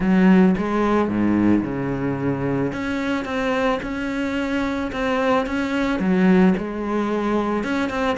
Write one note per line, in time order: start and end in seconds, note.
0.00 0.55 F#3
0.57 1.08 G#3
1.08 1.62 G#2
1.63 2.72 C#3
2.72 3.25 C#4
3.25 3.79 C4
3.82 4.91 C#4
4.92 5.46 C4
5.46 5.99 C#4
5.99 6.54 F#3
6.57 7.63 G#3
7.63 7.89 C#4
7.89 8.16 C4